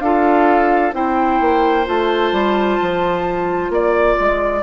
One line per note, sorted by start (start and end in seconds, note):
0.00 0.92 D4
0.00 0.92 F4
0.00 0.95 A4
0.00 0.93 F5
0.92 1.40 C4
0.92 1.85 E4
0.92 3.72 C5
0.92 1.87 G5
1.40 1.86 A#3
1.85 2.32 A3
1.85 4.62 F4
1.85 3.72 A5
2.32 2.78 G3
2.81 3.70 F3
3.70 4.16 A#3
3.70 4.63 D5
4.19 4.63 G#3